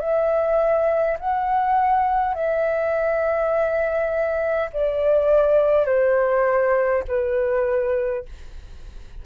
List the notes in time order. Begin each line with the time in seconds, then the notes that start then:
0.00 E5
1.19 F#5
2.35 E5
4.73 D5
5.86 C5
7.08 B4